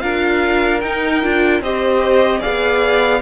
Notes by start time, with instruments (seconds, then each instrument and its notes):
0.00 cello D4, viola F4, violin A#4 F5
0.80 cello D#4, viola D#4, violin G5
1.23 cello D4, viola F4
1.60 cello C4, viola G4, violin C5 D#5
2.40 cello B3, viola G#4, violin D5 F5